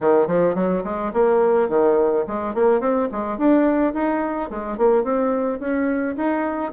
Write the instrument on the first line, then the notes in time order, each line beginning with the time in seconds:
bassoon
0.00 D#3
0.27 F3
0.54 F#3
0.84 G#3
1.13 A#3
1.68 D#3
2.27 G#3
2.54 A#3
2.80 C4
3.11 G#3
3.38 D4
3.93 D#4
4.49 G#3
4.77 A#3
5.03 C4
5.59 C#4
6.16 D#4